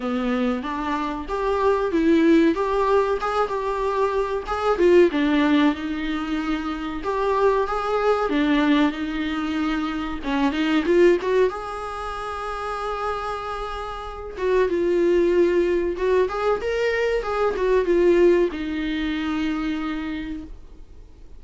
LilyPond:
\new Staff \with { instrumentName = "viola" } { \time 4/4 \tempo 4 = 94 b4 d'4 g'4 e'4 | g'4 gis'8 g'4. gis'8 f'8 | d'4 dis'2 g'4 | gis'4 d'4 dis'2 |
cis'8 dis'8 f'8 fis'8 gis'2~ | gis'2~ gis'8 fis'8 f'4~ | f'4 fis'8 gis'8 ais'4 gis'8 fis'8 | f'4 dis'2. | }